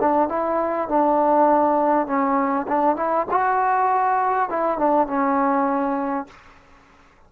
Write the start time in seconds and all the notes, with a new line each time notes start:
0.00 D4
0.28 E4
0.89 D4
2.06 C#4
2.68 D4
2.96 E4
3.31 F#4
4.49 E4
4.78 D4
5.07 C#4